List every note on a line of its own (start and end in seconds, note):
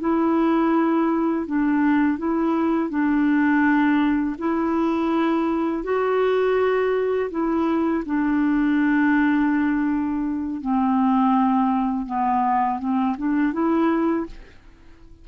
0.00 1.46 E4
1.46 2.18 D4
2.18 2.90 E4
2.90 4.36 D4
4.38 5.83 E4
5.83 7.30 F#4
7.30 8.04 E4
8.06 10.61 D4
10.61 12.06 C4
12.06 12.79 B3
12.79 13.16 C4
13.18 13.53 D4
13.53 14.26 E4